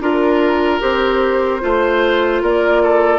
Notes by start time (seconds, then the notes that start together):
0.00 D4 F4 A#4
0.80 C4 G4 C5
1.61 A3 F4 C5
2.42 A#3 A#4 D5
2.83 A4